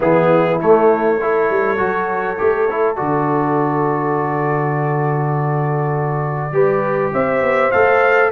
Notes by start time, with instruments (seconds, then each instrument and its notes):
0.00 tuba E3, trombone B3, horn E4, trumpet G#4
0.60 tuba A3, trombone A3, trumpet C#5
1.20 trombone E4, horn A4
1.49 tuba G3
1.77 tuba F#3, trombone F#4
2.38 tuba A3, trombone G4
2.70 trombone E4
2.96 tuba D3, trombone F#4, trumpet D5
6.51 tuba G3, trombone G4, horn B4
7.13 tuba C4, horn C5, trumpet E5
7.41 tuba B3
7.71 tuba A3, trombone A4, trumpet F5